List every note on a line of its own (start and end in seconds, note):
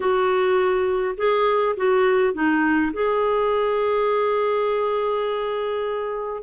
0.00 1.15 F#4
1.17 1.75 G#4
1.76 2.33 F#4
2.33 2.92 D#4
2.93 6.42 G#4